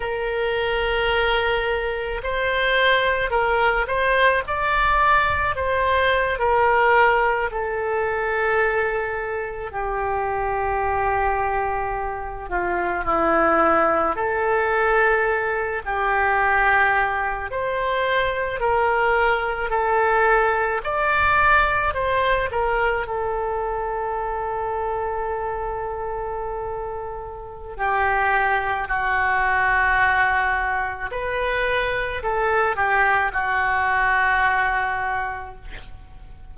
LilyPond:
\new Staff \with { instrumentName = "oboe" } { \time 4/4 \tempo 4 = 54 ais'2 c''4 ais'8 c''8 | d''4 c''8. ais'4 a'4~ a'16~ | a'8. g'2~ g'8 f'8 e'16~ | e'8. a'4. g'4. c''16~ |
c''8. ais'4 a'4 d''4 c''16~ | c''16 ais'8 a'2.~ a'16~ | a'4 g'4 fis'2 | b'4 a'8 g'8 fis'2 | }